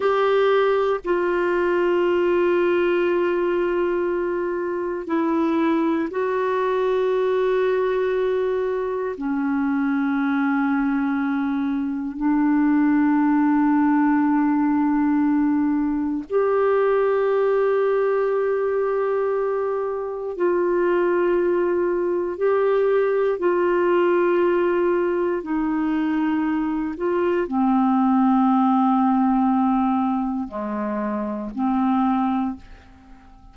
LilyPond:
\new Staff \with { instrumentName = "clarinet" } { \time 4/4 \tempo 4 = 59 g'4 f'2.~ | f'4 e'4 fis'2~ | fis'4 cis'2. | d'1 |
g'1 | f'2 g'4 f'4~ | f'4 dis'4. f'8 c'4~ | c'2 gis4 c'4 | }